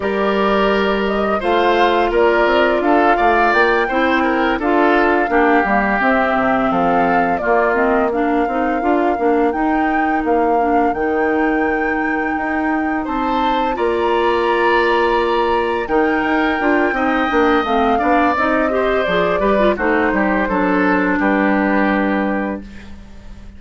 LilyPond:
<<
  \new Staff \with { instrumentName = "flute" } { \time 4/4 \tempo 4 = 85 d''4. dis''8 f''4 d''4 | f''4 g''4. f''4.~ | f''8 e''4 f''4 d''8 dis''8 f''8~ | f''4. g''4 f''4 g''8~ |
g''2~ g''8 a''4 ais''8~ | ais''2~ ais''8 g''4.~ | g''4 f''4 dis''4 d''4 | c''2 b'2 | }
  \new Staff \with { instrumentName = "oboe" } { \time 4/4 ais'2 c''4 ais'4 | a'8 d''4 c''8 ais'8 a'4 g'8~ | g'4. a'4 f'4 ais'8~ | ais'1~ |
ais'2~ ais'8 c''4 d''8~ | d''2~ d''8 ais'4. | dis''4. d''4 c''4 b'8 | fis'8 g'8 a'4 g'2 | }
  \new Staff \with { instrumentName = "clarinet" } { \time 4/4 g'2 f'2~ | f'4. e'4 f'4 d'8 | ais8 c'2 ais8 c'8 d'8 | dis'8 f'8 d'8 dis'4. d'8 dis'8~ |
dis'2.~ dis'8 f'8~ | f'2~ f'8 dis'4 f'8 | dis'8 d'8 c'8 d'8 dis'8 g'8 gis'8 g'16 f'16 | dis'4 d'2. | }
  \new Staff \with { instrumentName = "bassoon" } { \time 4/4 g2 a4 ais8 c'8 | d'8 a8 ais8 c'4 d'4 ais8 | g8 c'8 c8 f4 ais4. | c'8 d'8 ais8 dis'4 ais4 dis8~ |
dis4. dis'4 c'4 ais8~ | ais2~ ais8 dis8 dis'8 d'8 | c'8 ais8 a8 b8 c'4 f8 g8 | a8 g8 fis4 g2 | }
>>